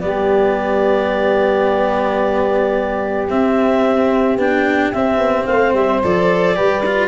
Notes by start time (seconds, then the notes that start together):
0.00 G3 B3 G4 D5
3.29 C4 E5
4.36 B3 D4 G5
4.92 C4 E5
5.17 B3
5.45 A3 C5 F5
5.73 G3 E5
6.02 F3 A4 D5
6.54 G3 G4 B4
6.85 F4